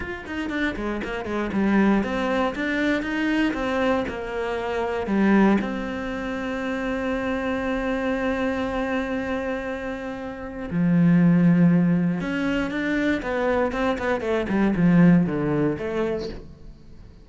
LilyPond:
\new Staff \with { instrumentName = "cello" } { \time 4/4 \tempo 4 = 118 f'8 dis'8 d'8 gis8 ais8 gis8 g4 | c'4 d'4 dis'4 c'4 | ais2 g4 c'4~ | c'1~ |
c'1~ | c'4 f2. | cis'4 d'4 b4 c'8 b8 | a8 g8 f4 d4 a4 | }